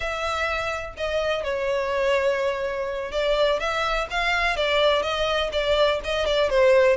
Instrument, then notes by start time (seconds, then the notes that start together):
violin
0.00 E5
0.97 D#5
1.43 C#5
3.11 D5
3.59 E5
4.10 F5
4.56 D5
5.02 D#5
5.52 D5
6.03 D#5
6.26 D5
6.49 C5